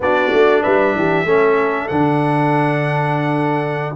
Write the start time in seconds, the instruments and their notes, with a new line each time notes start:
0.00 tuba B3, trombone D4, horn F#4, trumpet D5
0.32 tuba A3
0.62 tuba G3, horn B4, trumpet E5
0.94 tuba E3, horn G4
1.24 tuba A3, trombone C#4, horn A4
1.88 tuba D3, trombone D4, trumpet F#5